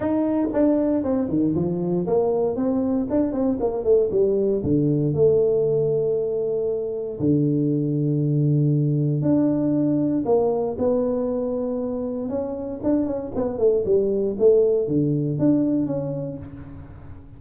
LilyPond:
\new Staff \with { instrumentName = "tuba" } { \time 4/4 \tempo 4 = 117 dis'4 d'4 c'8 dis8 f4 | ais4 c'4 d'8 c'8 ais8 a8 | g4 d4 a2~ | a2 d2~ |
d2 d'2 | ais4 b2. | cis'4 d'8 cis'8 b8 a8 g4 | a4 d4 d'4 cis'4 | }